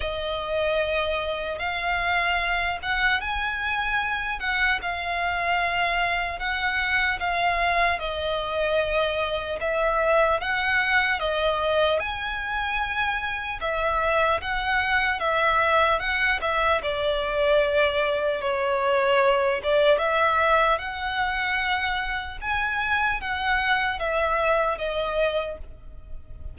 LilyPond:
\new Staff \with { instrumentName = "violin" } { \time 4/4 \tempo 4 = 75 dis''2 f''4. fis''8 | gis''4. fis''8 f''2 | fis''4 f''4 dis''2 | e''4 fis''4 dis''4 gis''4~ |
gis''4 e''4 fis''4 e''4 | fis''8 e''8 d''2 cis''4~ | cis''8 d''8 e''4 fis''2 | gis''4 fis''4 e''4 dis''4 | }